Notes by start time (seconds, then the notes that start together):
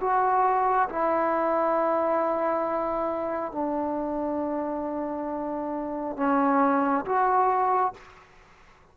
0.00 F#4
0.89 E4
3.52 D4
6.16 C#4
7.05 F#4